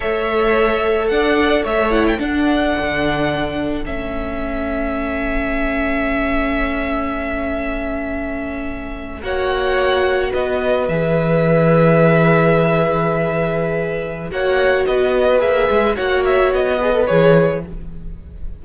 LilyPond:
<<
  \new Staff \with { instrumentName = "violin" } { \time 4/4 \tempo 4 = 109 e''2 fis''4 e''8 fis''16 g''16 | fis''2. e''4~ | e''1~ | e''1~ |
e''8. fis''2 dis''4 e''16~ | e''1~ | e''2 fis''4 dis''4 | e''4 fis''8 e''8 dis''4 cis''4 | }
  \new Staff \with { instrumentName = "violin" } { \time 4/4 cis''2 d''4 cis''4 | a'1~ | a'1~ | a'1~ |
a'8. cis''2 b'4~ b'16~ | b'1~ | b'2 cis''4 b'4~ | b'4 cis''4. b'4. | }
  \new Staff \with { instrumentName = "viola" } { \time 4/4 a'2.~ a'8 e'8 | d'2. cis'4~ | cis'1~ | cis'1~ |
cis'8. fis'2. gis'16~ | gis'1~ | gis'2 fis'2 | gis'4 fis'4. gis'16 a'16 gis'4 | }
  \new Staff \with { instrumentName = "cello" } { \time 4/4 a2 d'4 a4 | d'4 d2 a4~ | a1~ | a1~ |
a8. ais2 b4 e16~ | e1~ | e2 ais4 b4 | ais8 gis8 ais4 b4 e4 | }
>>